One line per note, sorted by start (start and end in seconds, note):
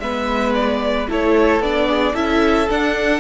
0.00 1.07 G#3
0.00 1.09 B3
0.00 1.09 B4
0.00 0.54 E5
0.54 1.08 D5
1.09 1.60 A3
1.09 1.62 E4
1.09 1.89 A4
1.09 1.62 C#5
1.60 2.14 B3
1.60 2.14 D4
1.60 2.15 D5
1.89 2.14 G#4
2.14 2.68 C#4
2.14 2.68 E4
2.14 3.20 A4
2.14 2.69 E5
2.70 3.20 D4
2.70 3.20 F#5